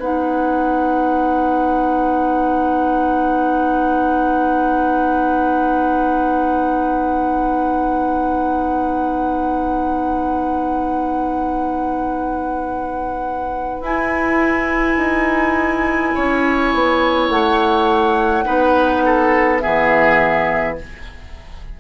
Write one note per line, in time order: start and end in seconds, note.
0.00 13.81 B3
0.00 13.85 D#4
0.00 16.15 B4
0.00 13.84 F#5
13.81 14.97 E4
13.81 18.45 E4
13.81 17.30 G#5
14.98 16.13 D#4
16.15 16.74 C#4
16.15 18.45 C#5
16.74 17.30 B3
17.30 18.45 A3
17.30 19.60 F#5
18.45 19.63 B3
18.45 19.61 D#4
18.45 19.04 B4
19.06 19.62 A4
19.60 20.81 E3
19.60 20.76 B3
19.60 20.78 G#4
19.60 20.75 E5